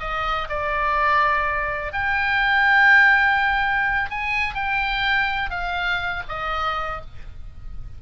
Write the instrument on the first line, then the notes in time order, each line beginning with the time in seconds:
oboe
0.00 D#5
0.49 D5
1.93 G5
4.10 G#5
4.55 G5
5.50 F5
6.29 D#5